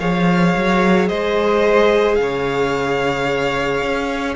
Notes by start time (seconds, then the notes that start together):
0.00 F3 G#4 C#5 F5
0.57 F#3
1.09 G#3 C5 D#5
2.15 C#3 F5
2.22 C#5
3.82 C#4